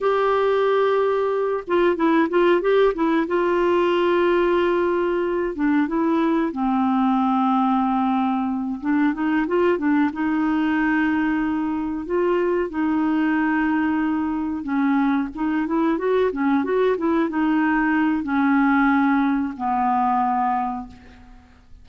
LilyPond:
\new Staff \with { instrumentName = "clarinet" } { \time 4/4 \tempo 4 = 92 g'2~ g'8 f'8 e'8 f'8 | g'8 e'8 f'2.~ | f'8 d'8 e'4 c'2~ | c'4. d'8 dis'8 f'8 d'8 dis'8~ |
dis'2~ dis'8 f'4 dis'8~ | dis'2~ dis'8 cis'4 dis'8 | e'8 fis'8 cis'8 fis'8 e'8 dis'4. | cis'2 b2 | }